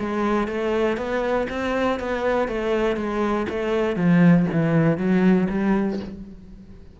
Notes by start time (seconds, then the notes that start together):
0.00 G#3
0.48 A3
0.97 B3
1.50 C4
2.00 B3
2.48 A3
2.97 G#3
3.49 A3
3.96 F3
4.53 E3
4.98 F#3
5.50 G3